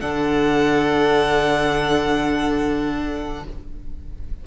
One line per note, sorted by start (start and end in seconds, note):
0.00 3.46 D3
0.00 3.44 D4
0.00 3.45 A4
0.00 3.44 F#5